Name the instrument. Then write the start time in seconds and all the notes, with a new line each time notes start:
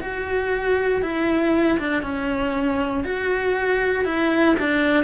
cello
0.00 F#4
1.02 E4
1.78 D4
2.02 C#4
3.03 F#4
4.04 E4
4.59 D4